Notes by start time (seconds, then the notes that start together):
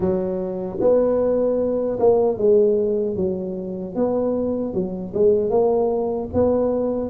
0.00 F#3
0.80 B3
1.99 A#3
2.37 G#3
3.16 F#3
3.95 B3
4.73 F#3
5.14 G#3
5.50 A#3
6.33 B3